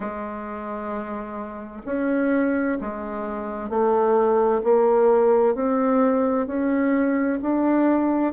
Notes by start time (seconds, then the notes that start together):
0.00 G#3
1.85 C#4
2.80 G#3
3.69 A3
4.63 A#3
5.54 C4
6.46 C#4
7.42 D4